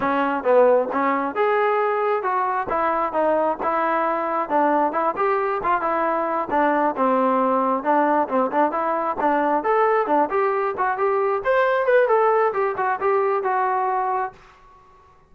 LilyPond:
\new Staff \with { instrumentName = "trombone" } { \time 4/4 \tempo 4 = 134 cis'4 b4 cis'4 gis'4~ | gis'4 fis'4 e'4 dis'4 | e'2 d'4 e'8 g'8~ | g'8 f'8 e'4. d'4 c'8~ |
c'4. d'4 c'8 d'8 e'8~ | e'8 d'4 a'4 d'8 g'4 | fis'8 g'4 c''4 b'8 a'4 | g'8 fis'8 g'4 fis'2 | }